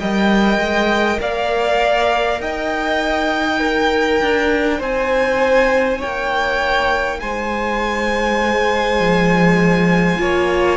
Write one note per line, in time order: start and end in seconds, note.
0.00 0.58 G3
0.00 3.62 A#4
0.00 1.20 D#5
0.00 1.20 G5
0.58 1.18 G#3
1.21 2.40 A#3
1.21 2.41 D5
1.21 2.42 F5
2.40 4.20 D#4
2.40 3.60 D#5
2.40 4.82 G5
3.60 8.42 D#4
3.60 4.79 A#4
4.21 4.80 D4
4.79 6.00 C4
4.79 5.99 C5
4.79 6.02 G#5
5.99 7.23 A#3
5.99 7.19 C#5
5.99 7.21 G5
7.21 9.00 G#3
7.21 10.21 C5
7.21 10.77 G#5
8.42 10.18 G#3
9.00 10.19 F3
10.18 10.77 A#3
10.18 10.77 F4
10.18 10.77 C#5